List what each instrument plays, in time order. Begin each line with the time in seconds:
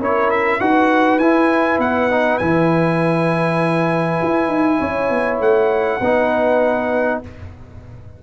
0.00 tuba C#4, trombone E4, horn A#4, trumpet C#5
0.31 trumpet E5
0.60 tuba D#4, trombone F#4, horn B4, trumpet F#5
1.19 tuba E4, trombone E4, trumpet G#5
1.79 tuba B3, trumpet F#5
2.11 trombone D#4
2.38 tuba E3, trombone E4, trumpet G#5
4.22 tuba E4
4.48 tuba D#4
4.79 tuba C#4, horn C#5
5.10 tuba B3
5.40 tuba A3, trumpet F#5
6.00 tuba B3, trombone D#4, horn B4